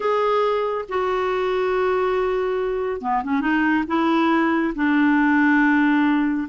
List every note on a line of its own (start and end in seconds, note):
0.00 0.85 G#4
0.88 3.01 F#4
3.01 3.22 B3
3.23 3.40 C#4
3.40 3.84 D#4
3.87 4.73 E4
4.75 6.47 D4